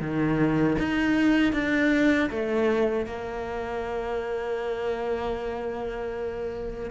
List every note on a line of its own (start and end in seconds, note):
0.00 0.77 D#3
0.79 1.52 D#4
1.52 2.29 D4
2.30 3.06 A3
3.06 6.90 A#3